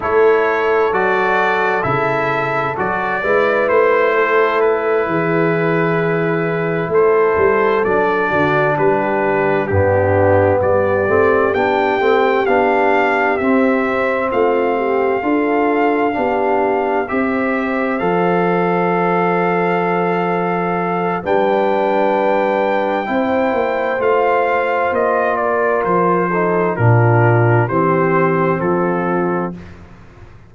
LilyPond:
<<
  \new Staff \with { instrumentName = "trumpet" } { \time 4/4 \tempo 4 = 65 cis''4 d''4 e''4 d''4 | c''4 b'2~ b'8 c''8~ | c''8 d''4 b'4 g'4 d''8~ | d''8 g''4 f''4 e''4 f''8~ |
f''2~ f''8 e''4 f''8~ | f''2. g''4~ | g''2 f''4 dis''8 d''8 | c''4 ais'4 c''4 a'4 | }
  \new Staff \with { instrumentName = "horn" } { \time 4/4 a'2.~ a'8 b'8~ | b'8 a'4 gis'2 a'8~ | a'4 fis'8 g'4 d'4 g'8~ | g'2.~ g'8 f'8 |
g'8 a'4 g'4 c''4.~ | c''2. b'4~ | b'4 c''2~ c''8 ais'8~ | ais'8 a'8 f'4 g'4 f'4 | }
  \new Staff \with { instrumentName = "trombone" } { \time 4/4 e'4 fis'4 e'4 fis'8 e'8~ | e'1~ | e'8 d'2 b4. | c'8 d'8 c'8 d'4 c'4.~ |
c'8 f'4 d'4 g'4 a'8~ | a'2. d'4~ | d'4 e'4 f'2~ | f'8 dis'8 d'4 c'2 | }
  \new Staff \with { instrumentName = "tuba" } { \time 4/4 a4 fis4 cis4 fis8 gis8 | a4. e2 a8 | g8 fis8 d8 g4 g,4 g8 | a8 b8 a8 b4 c'4 a8~ |
a8 d'4 b4 c'4 f8~ | f2. g4~ | g4 c'8 ais8 a4 ais4 | f4 ais,4 e4 f4 | }
>>